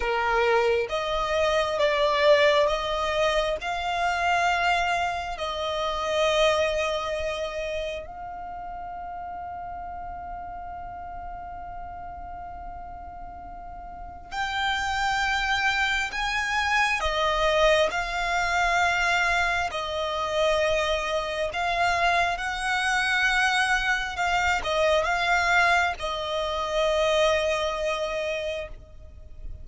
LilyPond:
\new Staff \with { instrumentName = "violin" } { \time 4/4 \tempo 4 = 67 ais'4 dis''4 d''4 dis''4 | f''2 dis''2~ | dis''4 f''2.~ | f''1 |
g''2 gis''4 dis''4 | f''2 dis''2 | f''4 fis''2 f''8 dis''8 | f''4 dis''2. | }